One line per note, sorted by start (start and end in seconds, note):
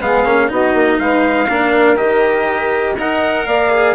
0.00 0.25 G#3
0.00 0.25 B3
0.00 0.50 G#4
0.00 0.51 F5
0.25 0.50 A#3
0.25 0.48 C#4
0.48 0.74 B3
0.48 1.47 D#4
0.48 0.99 F#4
0.48 0.99 D#5
0.74 0.99 A#3
0.99 1.49 G#3
0.99 1.50 B4
0.99 1.98 F5
1.49 1.98 A#3
1.49 1.96 D4
1.49 2.98 A#4
1.96 2.98 D#3
1.96 2.96 G4
1.96 2.97 D#5
2.98 3.47 D#4
2.98 3.70 A#4
2.98 3.46 D#5
2.98 3.47 F#5
3.46 3.96 A#3
3.46 3.96 D5
3.46 3.96 F5
3.70 3.95 G#4